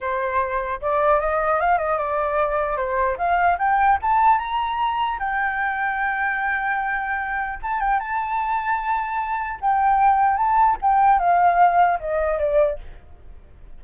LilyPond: \new Staff \with { instrumentName = "flute" } { \time 4/4 \tempo 4 = 150 c''2 d''4 dis''4 | f''8 dis''8 d''2 c''4 | f''4 g''4 a''4 ais''4~ | ais''4 g''2.~ |
g''2. a''8 g''8 | a''1 | g''2 a''4 g''4 | f''2 dis''4 d''4 | }